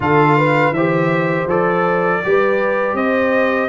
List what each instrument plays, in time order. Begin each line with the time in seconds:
0.00 tuba D3, trombone F4, horn A4, trumpet F5
0.37 horn B4
0.71 tuba E3, trombone G4, horn C5, trumpet E5
1.46 tuba F3, trombone A4, trumpet D5
2.24 tuba G3, trombone G4, horn B4
2.93 tuba C4, horn C5, trumpet D#5